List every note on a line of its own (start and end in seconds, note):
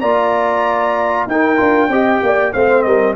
0.00 1.26 A#3
0.00 1.29 F4
0.00 1.26 D5
0.00 1.27 A#5
1.26 1.58 D#4
1.26 1.56 D#4
1.26 1.90 A#4
1.26 2.53 G5
1.56 1.88 D4
1.56 1.88 F4
1.88 2.19 C4
1.88 2.53 G4
1.88 2.21 D#5
2.22 2.54 A#3
2.22 2.54 D5
2.53 2.85 A3
2.53 3.16 C4
2.53 2.85 C5
2.53 2.82 F5
2.82 3.16 G3
2.82 3.16 A#4
2.82 3.14 D#5